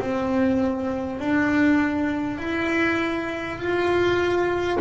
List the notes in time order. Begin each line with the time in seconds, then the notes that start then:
0.00 C4
1.20 D4
2.39 E4
3.58 F4